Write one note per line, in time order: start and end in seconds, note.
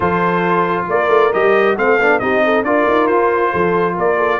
0.00 0.86 F3
0.00 1.32 F4
0.00 0.87 A4
0.00 0.86 C5
0.88 1.08 A#3
0.88 1.79 A#4
0.88 1.32 D5
1.08 1.30 A3
1.32 1.77 G3
1.32 1.77 G4
1.32 1.76 D#5
1.77 1.98 A3
1.77 1.99 C4
1.77 2.22 A4
1.77 2.19 F5
1.98 2.20 B3
1.98 2.21 D4
2.19 2.62 C4
2.19 2.65 D#4
2.19 2.44 G4
2.19 2.63 D#5
2.44 2.66 A4
2.62 2.84 D4
2.62 4.40 F4
2.62 3.52 A#4
2.62 3.07 D5
2.87 3.08 D#4
3.07 3.52 F4
3.07 3.95 C5
3.52 3.97 F3
3.52 3.94 A4
3.94 4.40 A#3
3.94 4.16 A#4
3.94 4.40 D5
4.17 4.39 A4